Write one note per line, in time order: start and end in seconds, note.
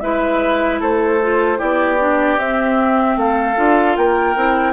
0.00 0.80 G#3
0.00 1.20 E4
0.00 0.80 B4
0.00 0.79 E5
0.80 1.59 A3
0.80 1.58 A4
0.80 1.60 C5
1.22 1.57 F4
1.57 2.37 B3
1.57 1.97 E4
1.57 3.16 G4
1.57 2.39 D5
1.99 2.37 D4
2.37 3.56 C4
2.37 3.16 C4
2.37 3.18 E5
3.16 3.56 A3
3.16 3.97 A4
3.16 3.96 F5
3.56 3.97 D4
3.56 4.35 F4
3.96 4.35 A#3
3.96 4.73 A#4
3.96 4.73 G5
4.35 4.73 C4
4.35 4.73 E4